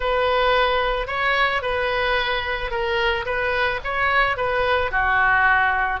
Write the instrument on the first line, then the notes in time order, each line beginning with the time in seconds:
oboe
0.00 B4
1.07 C#5
1.62 B4
2.70 A#4
3.25 B4
3.83 C#5
4.37 B4
4.91 F#4